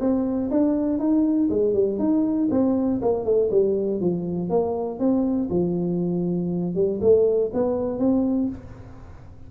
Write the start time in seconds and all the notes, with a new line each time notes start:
0.00 C4
0.51 D4
0.99 D#4
1.50 G#3
1.74 G3
1.99 D#4
2.51 C4
3.02 A#3
3.25 A3
3.51 G3
4.00 F3
4.50 A#3
4.99 C4
5.50 F3
6.75 G3
7.01 A3
7.53 B3
7.99 C4